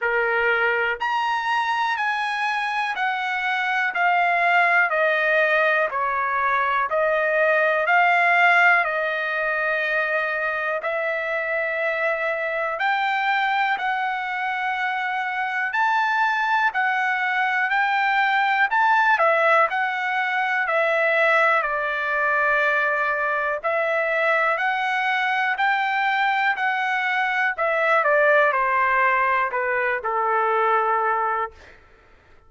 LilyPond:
\new Staff \with { instrumentName = "trumpet" } { \time 4/4 \tempo 4 = 61 ais'4 ais''4 gis''4 fis''4 | f''4 dis''4 cis''4 dis''4 | f''4 dis''2 e''4~ | e''4 g''4 fis''2 |
a''4 fis''4 g''4 a''8 e''8 | fis''4 e''4 d''2 | e''4 fis''4 g''4 fis''4 | e''8 d''8 c''4 b'8 a'4. | }